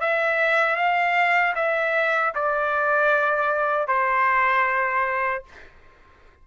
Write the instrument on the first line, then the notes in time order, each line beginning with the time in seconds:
trumpet
0.00 E5
0.76 F5
1.55 E5
2.34 D5
3.87 C5